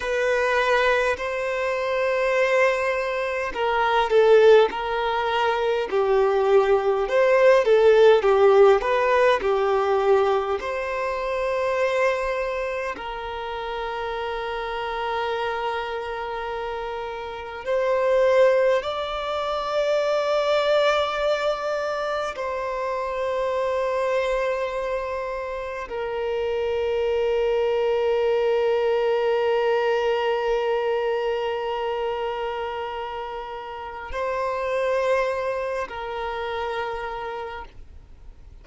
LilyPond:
\new Staff \with { instrumentName = "violin" } { \time 4/4 \tempo 4 = 51 b'4 c''2 ais'8 a'8 | ais'4 g'4 c''8 a'8 g'8 b'8 | g'4 c''2 ais'4~ | ais'2. c''4 |
d''2. c''4~ | c''2 ais'2~ | ais'1~ | ais'4 c''4. ais'4. | }